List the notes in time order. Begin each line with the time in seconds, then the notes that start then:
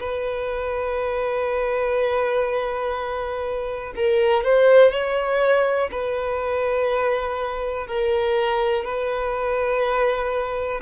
0.00 B4
3.95 A#4
4.44 C5
4.91 C#5
5.91 B4
7.87 A#4
8.84 B4